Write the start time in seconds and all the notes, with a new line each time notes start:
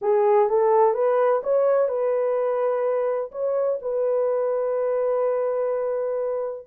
0.01 G#4
0.49 A4
0.94 B4
1.43 C#5
1.88 B4
3.31 C#5
3.81 B4